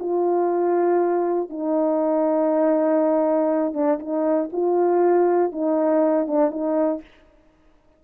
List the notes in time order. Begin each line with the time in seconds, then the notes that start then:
0.00 F4
1.50 D#4
3.74 D4
4.00 D#4
4.53 F4
5.52 D#4
6.27 D4
6.51 D#4